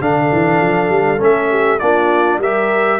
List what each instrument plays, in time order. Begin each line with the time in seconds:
0.00 tuba D3, trombone D4, horn A4, trumpet F5
0.32 tuba E3
0.61 tuba F3
0.89 tuba G3
1.18 tuba A3, trombone C#4, trumpet E5
1.50 horn G4
1.79 tuba A#3, trombone D4, horn F4, trumpet D5
2.38 tuba G3, trombone G4, horn A#4, trumpet E5